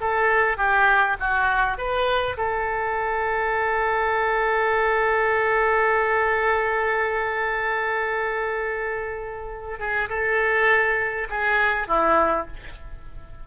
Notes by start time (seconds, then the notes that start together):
0.00 A4
0.57 G4
1.19 F#4
1.77 B4
2.37 A4
9.79 G#4
10.09 A4
11.29 G#4
11.87 E4